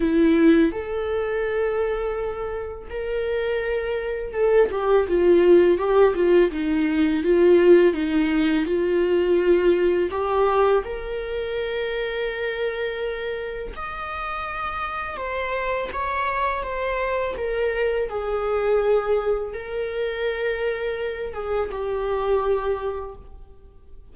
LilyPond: \new Staff \with { instrumentName = "viola" } { \time 4/4 \tempo 4 = 83 e'4 a'2. | ais'2 a'8 g'8 f'4 | g'8 f'8 dis'4 f'4 dis'4 | f'2 g'4 ais'4~ |
ais'2. dis''4~ | dis''4 c''4 cis''4 c''4 | ais'4 gis'2 ais'4~ | ais'4. gis'8 g'2 | }